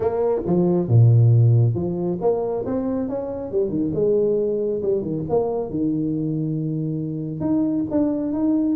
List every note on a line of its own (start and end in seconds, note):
0.00 0.41 A#3
0.46 0.88 F3
0.88 1.74 A#2
1.74 2.18 F3
2.21 2.64 A#3
2.65 3.08 C4
3.08 3.51 C#4
3.51 3.69 G3
3.69 3.91 D#3
3.94 4.82 G#3
4.82 5.02 G3
5.02 5.24 D#3
5.29 5.70 A#3
5.70 7.40 D#3
7.40 7.84 D#4
7.90 8.32 D4
8.32 8.76 D#4